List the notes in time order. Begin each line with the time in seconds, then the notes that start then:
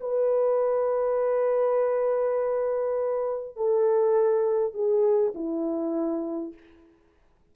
0.00 B4
3.56 A4
4.74 G#4
5.35 E4